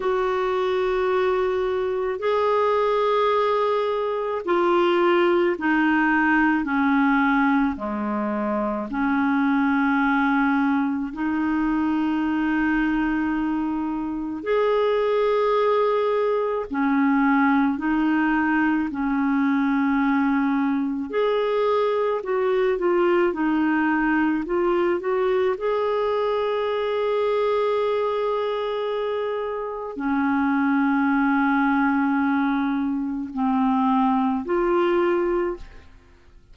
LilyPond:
\new Staff \with { instrumentName = "clarinet" } { \time 4/4 \tempo 4 = 54 fis'2 gis'2 | f'4 dis'4 cis'4 gis4 | cis'2 dis'2~ | dis'4 gis'2 cis'4 |
dis'4 cis'2 gis'4 | fis'8 f'8 dis'4 f'8 fis'8 gis'4~ | gis'2. cis'4~ | cis'2 c'4 f'4 | }